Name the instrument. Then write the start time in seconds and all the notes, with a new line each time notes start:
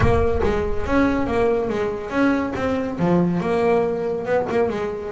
double bass
0.00 A#3
0.43 G#3
0.86 C#4
1.26 A#3
1.69 G#3
2.10 C#4
2.55 C4
2.99 F3
3.40 A#3
4.25 B3
4.50 A#3
4.69 G#3